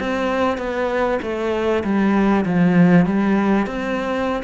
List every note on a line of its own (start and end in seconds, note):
0.00 0.58 C4
0.58 1.19 B3
1.22 1.84 A3
1.84 2.45 G3
2.45 3.06 F3
3.06 3.67 G3
3.67 4.43 C4